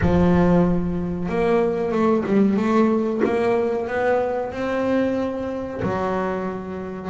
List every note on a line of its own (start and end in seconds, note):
0.01 1.28 F3
1.28 1.91 A#3
1.91 2.23 A3
2.26 2.56 G3
2.56 3.21 A3
3.24 3.87 A#3
3.87 4.52 B3
4.52 5.81 C4
5.82 7.10 F#3